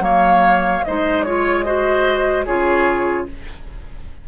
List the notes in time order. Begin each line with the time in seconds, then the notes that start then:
0.00 F#3 A#3 C#5 F5
0.84 G#3 D#4 C5 D#5
1.23 F4 C#5
1.64 F#4 C5 D#5
2.46 C#3 F4 G#4 C#5